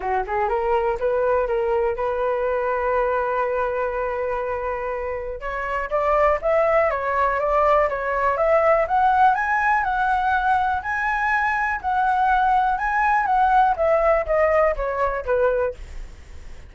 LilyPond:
\new Staff \with { instrumentName = "flute" } { \time 4/4 \tempo 4 = 122 fis'8 gis'8 ais'4 b'4 ais'4 | b'1~ | b'2. cis''4 | d''4 e''4 cis''4 d''4 |
cis''4 e''4 fis''4 gis''4 | fis''2 gis''2 | fis''2 gis''4 fis''4 | e''4 dis''4 cis''4 b'4 | }